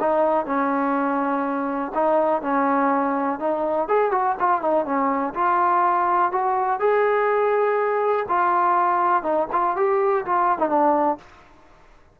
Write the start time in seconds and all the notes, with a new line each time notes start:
0.00 D#4
0.46 C#4
1.95 D#4
2.42 C#4
3.39 D#4
3.89 G#4
4.12 F#4
4.39 F4
4.61 D#4
4.85 C#4
5.34 F4
6.32 F#4
6.80 G#4
8.29 F4
9.23 D#4
9.52 F4
9.77 G4
10.26 F4
10.59 D#4
10.69 D4